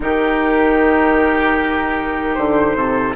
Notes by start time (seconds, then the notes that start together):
0.00 D#3 D#4 G4 A#4
2.34 D3 C5
2.75 C3 A4